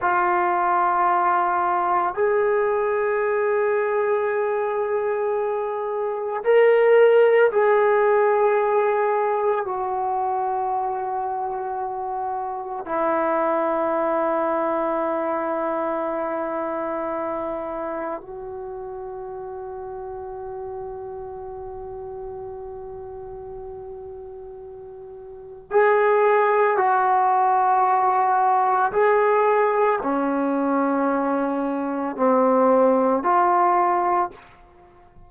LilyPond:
\new Staff \with { instrumentName = "trombone" } { \time 4/4 \tempo 4 = 56 f'2 gis'2~ | gis'2 ais'4 gis'4~ | gis'4 fis'2. | e'1~ |
e'4 fis'2.~ | fis'1 | gis'4 fis'2 gis'4 | cis'2 c'4 f'4 | }